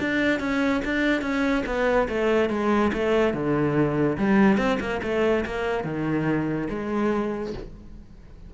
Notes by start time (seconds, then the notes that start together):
0.00 D4
0.40 C#4
0.85 D4
1.22 C#4
1.66 B3
2.09 A3
2.50 G#3
2.93 A3
3.34 D3
4.18 G3
4.58 C4
4.80 A#3
5.03 A3
5.46 A#3
5.84 D#3
6.70 G#3